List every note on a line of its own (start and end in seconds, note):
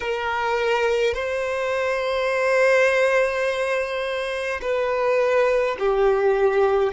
0.00 1.14 A#4
1.14 4.60 C5
4.61 5.76 B4
5.79 6.92 G4